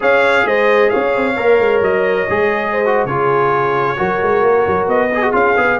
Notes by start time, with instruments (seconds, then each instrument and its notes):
0.00 tuba C#4, trombone G#4, horn C#5, trumpet F5
0.45 tuba G#3, horn C5, trumpet D#5
0.89 tuba C#4, horn C#5, trumpet F5
1.16 tuba C4
1.36 tuba A#3, trombone A#4
1.59 tuba G#3
1.81 tuba F#3, trumpet D#5
2.29 tuba G#3, trombone G#4
2.72 horn C5
2.85 trombone F#4
3.05 tuba C#3, trombone F4, horn G#4, trumpet C#5
3.96 tuba F#3, trombone F#4, horn A#4
4.22 tuba G#3
4.42 tuba A#3
4.67 tuba F#3
4.87 tuba B3, trumpet D#5
5.12 horn G#4, trombone G#4
5.22 trombone F#4
5.32 tuba C#4, trombone F4, trumpet F5
5.57 tuba B3, trombone G#4